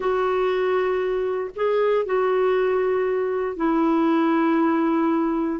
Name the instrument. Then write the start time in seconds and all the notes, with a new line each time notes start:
clarinet
0.00 F#4
1.55 G#4
2.05 F#4
3.56 E4